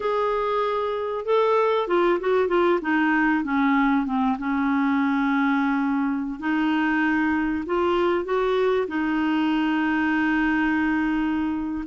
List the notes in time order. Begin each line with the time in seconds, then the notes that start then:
0.00 G#4
1.25 A4
1.88 F4
2.20 F#4
2.48 F4
2.81 D#4
3.43 C#4
4.05 C4
4.38 C#4
6.39 D#4
7.66 F4
8.24 F#4
8.87 D#4